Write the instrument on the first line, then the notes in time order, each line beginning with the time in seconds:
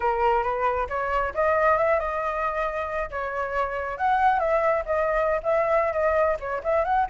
flute
0.00 A#4
0.43 B4
0.89 C#5
1.34 D#5
1.77 E5
1.99 D#5
3.10 C#5
3.97 F#5
4.39 E5
4.85 D#5
5.43 E5
5.92 D#5
6.40 C#5
6.63 E5
6.84 F#5